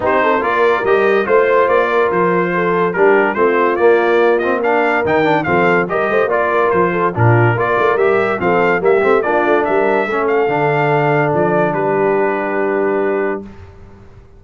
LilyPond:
<<
  \new Staff \with { instrumentName = "trumpet" } { \time 4/4 \tempo 4 = 143 c''4 d''4 dis''4 c''4 | d''4 c''2 ais'4 | c''4 d''4. dis''8 f''4 | g''4 f''4 dis''4 d''4 |
c''4 ais'4 d''4 e''4 | f''4 e''4 d''4 e''4~ | e''8 f''2~ f''8 d''4 | b'1 | }
  \new Staff \with { instrumentName = "horn" } { \time 4/4 g'8 a'8 ais'2 c''4~ | c''8 ais'4. a'4 g'4 | f'2. ais'4~ | ais'4 a'4 ais'8 c''8 d''8 ais'8~ |
ais'8 a'8 f'4 ais'2 | a'4 g'4 f'4 ais'4 | a'1 | g'1 | }
  \new Staff \with { instrumentName = "trombone" } { \time 4/4 dis'4 f'4 g'4 f'4~ | f'2. d'4 | c'4 ais4. c'8 d'4 | dis'8 d'8 c'4 g'4 f'4~ |
f'4 d'4 f'4 g'4 | c'4 ais8 c'8 d'2 | cis'4 d'2.~ | d'1 | }
  \new Staff \with { instrumentName = "tuba" } { \time 4/4 c'4 ais4 g4 a4 | ais4 f2 g4 | a4 ais2. | dis4 f4 g8 a8 ais4 |
f4 ais,4 ais8 a8 g4 | f4 g8 a8 ais8 a8 g4 | a4 d2 f4 | g1 | }
>>